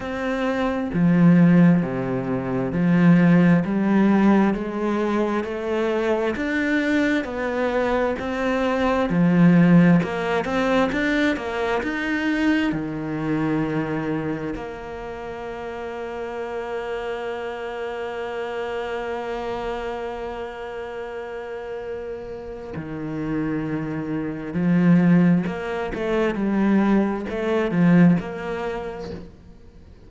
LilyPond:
\new Staff \with { instrumentName = "cello" } { \time 4/4 \tempo 4 = 66 c'4 f4 c4 f4 | g4 gis4 a4 d'4 | b4 c'4 f4 ais8 c'8 | d'8 ais8 dis'4 dis2 |
ais1~ | ais1~ | ais4 dis2 f4 | ais8 a8 g4 a8 f8 ais4 | }